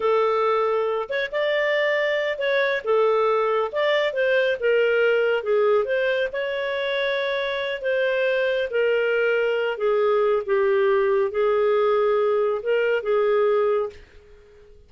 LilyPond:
\new Staff \with { instrumentName = "clarinet" } { \time 4/4 \tempo 4 = 138 a'2~ a'8 cis''8 d''4~ | d''4. cis''4 a'4.~ | a'8 d''4 c''4 ais'4.~ | ais'8 gis'4 c''4 cis''4.~ |
cis''2 c''2 | ais'2~ ais'8 gis'4. | g'2 gis'2~ | gis'4 ais'4 gis'2 | }